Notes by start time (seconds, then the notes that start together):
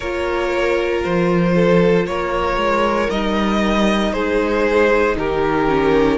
0.00 A#3 F4 A#4 C#5
1.03 F3 C5
1.54 A4
2.06 A#3 A#4 C#5
2.56 G#3
3.09 G3 D#4 D#5
4.12 G#3 G#4 C5
5.17 D#3 G4 A#4
5.68 C#4